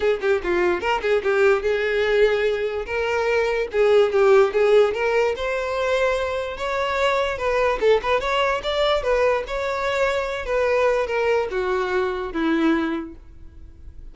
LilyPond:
\new Staff \with { instrumentName = "violin" } { \time 4/4 \tempo 4 = 146 gis'8 g'8 f'4 ais'8 gis'8 g'4 | gis'2. ais'4~ | ais'4 gis'4 g'4 gis'4 | ais'4 c''2. |
cis''2 b'4 a'8 b'8 | cis''4 d''4 b'4 cis''4~ | cis''4. b'4. ais'4 | fis'2 e'2 | }